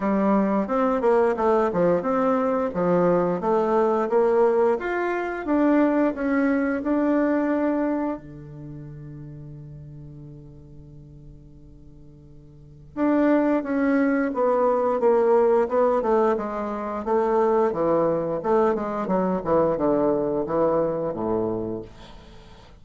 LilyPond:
\new Staff \with { instrumentName = "bassoon" } { \time 4/4 \tempo 4 = 88 g4 c'8 ais8 a8 f8 c'4 | f4 a4 ais4 f'4 | d'4 cis'4 d'2 | d1~ |
d2. d'4 | cis'4 b4 ais4 b8 a8 | gis4 a4 e4 a8 gis8 | fis8 e8 d4 e4 a,4 | }